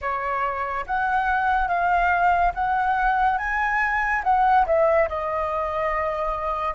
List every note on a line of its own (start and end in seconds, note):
0.01 0.85 C#5
0.86 1.67 F#5
1.67 2.52 F5
2.54 3.38 F#5
3.38 4.22 G#5
4.23 4.65 F#5
4.66 5.08 E5
5.09 6.74 D#5